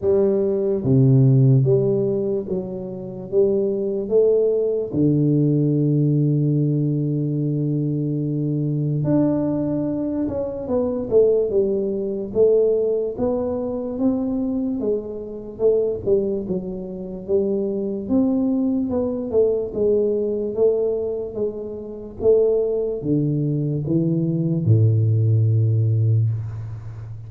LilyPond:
\new Staff \with { instrumentName = "tuba" } { \time 4/4 \tempo 4 = 73 g4 c4 g4 fis4 | g4 a4 d2~ | d2. d'4~ | d'8 cis'8 b8 a8 g4 a4 |
b4 c'4 gis4 a8 g8 | fis4 g4 c'4 b8 a8 | gis4 a4 gis4 a4 | d4 e4 a,2 | }